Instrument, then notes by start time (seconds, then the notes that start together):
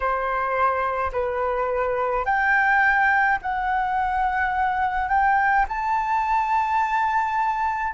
flute
0.00 C5
1.12 B4
2.25 G5
3.42 F#5
5.08 G5
5.68 A5